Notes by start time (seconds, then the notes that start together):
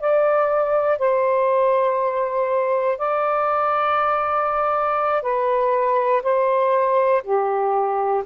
0.00 D5
0.98 C5
2.98 D5
5.22 B4
6.22 C5
7.23 G4